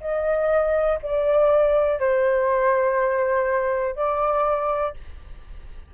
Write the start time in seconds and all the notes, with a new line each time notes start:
0.00 D#5
1.02 D5
1.99 C5
3.95 D5